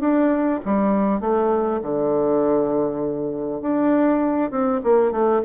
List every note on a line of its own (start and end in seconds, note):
0.00 0.60 D4
0.65 1.21 G3
1.21 1.81 A3
1.82 3.61 D3
3.61 4.51 D4
4.51 4.81 C4
4.84 5.12 A#3
5.12 5.42 A3